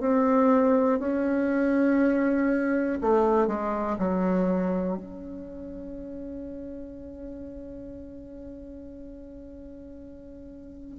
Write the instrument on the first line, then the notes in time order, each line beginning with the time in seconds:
bassoon
0.00 C4
0.99 C#4
3.01 A3
3.47 G#3
3.98 F#3
4.97 C#4